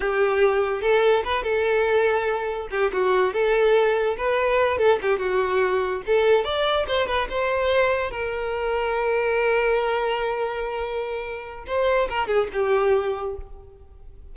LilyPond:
\new Staff \with { instrumentName = "violin" } { \time 4/4 \tempo 4 = 144 g'2 a'4 b'8 a'8~ | a'2~ a'8 g'8 fis'4 | a'2 b'4. a'8 | g'8 fis'2 a'4 d''8~ |
d''8 c''8 b'8 c''2 ais'8~ | ais'1~ | ais'1 | c''4 ais'8 gis'8 g'2 | }